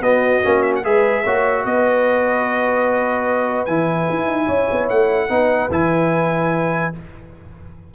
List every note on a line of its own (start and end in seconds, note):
0.00 0.41 B3
0.00 0.42 B3
0.00 0.84 F#4
0.00 0.62 D#5
0.42 0.84 A#3
0.42 0.83 C#4
0.62 0.72 E5
0.75 0.84 F#5
0.84 1.25 G#3
0.84 1.24 G#4
0.84 1.23 B4
0.84 1.65 E5
1.23 1.64 A#3
1.23 3.68 F#4
1.23 1.63 C#5
1.64 3.67 B3
1.64 4.46 B4
1.64 3.65 D#5
3.65 4.07 E3
3.65 5.29 E4
3.65 4.87 G#5
4.09 4.27 E4
4.27 4.47 D#4
4.46 4.68 C#4
4.46 5.27 C#5
4.71 4.90 B3
4.89 5.29 A3
4.89 5.70 F#5
5.29 5.69 B3
5.29 5.70 D#4
5.29 6.94 B4
5.70 6.91 E3
5.70 6.92 E4
5.70 6.93 G#5